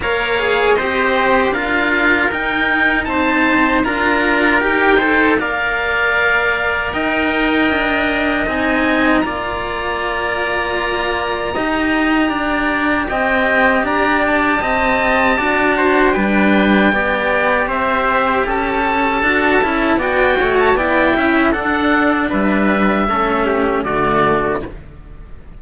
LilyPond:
<<
  \new Staff \with { instrumentName = "oboe" } { \time 4/4 \tempo 4 = 78 f''4 dis''4 f''4 g''4 | a''4 ais''4 g''4 f''4~ | f''4 g''2 gis''4 | ais''1~ |
ais''4 g''4 ais''8 a''4.~ | a''4 g''2 e''4 | a''2 g''8. a''16 g''4 | fis''4 e''2 d''4 | }
  \new Staff \with { instrumentName = "trumpet" } { \time 4/4 cis''4 c''4 ais'2 | c''4 ais'4. c''8 d''4~ | d''4 dis''2. | d''2. dis''4 |
d''4 dis''4 d''4 dis''4 | d''8 c''8 b'4 d''4 c''4 | a'2 d''8 cis''8 d''8 e''8 | a'4 b'4 a'8 g'8 fis'4 | }
  \new Staff \with { instrumentName = "cello" } { \time 4/4 ais'8 gis'8 g'4 f'4 dis'4~ | dis'4 f'4 g'8 a'8 ais'4~ | ais'2. dis'4 | f'2. g'4~ |
g'1 | fis'4 d'4 g'2~ | g'4 fis'8 e'8 fis'4 e'4 | d'2 cis'4 a4 | }
  \new Staff \with { instrumentName = "cello" } { \time 4/4 ais4 c'4 d'4 dis'4 | c'4 d'4 dis'4 ais4~ | ais4 dis'4 d'4 c'4 | ais2. dis'4 |
d'4 c'4 d'4 c'4 | d'4 g4 b4 c'4 | cis'4 d'8 cis'8 b8 a8 b8 cis'8 | d'4 g4 a4 d4 | }
>>